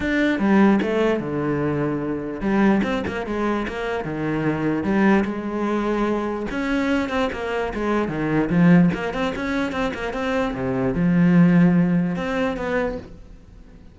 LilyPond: \new Staff \with { instrumentName = "cello" } { \time 4/4 \tempo 4 = 148 d'4 g4 a4 d4~ | d2 g4 c'8 ais8 | gis4 ais4 dis2 | g4 gis2. |
cis'4. c'8 ais4 gis4 | dis4 f4 ais8 c'8 cis'4 | c'8 ais8 c'4 c4 f4~ | f2 c'4 b4 | }